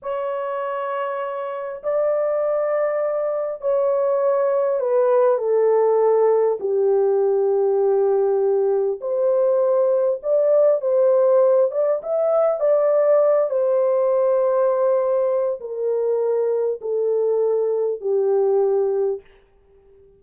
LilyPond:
\new Staff \with { instrumentName = "horn" } { \time 4/4 \tempo 4 = 100 cis''2. d''4~ | d''2 cis''2 | b'4 a'2 g'4~ | g'2. c''4~ |
c''4 d''4 c''4. d''8 | e''4 d''4. c''4.~ | c''2 ais'2 | a'2 g'2 | }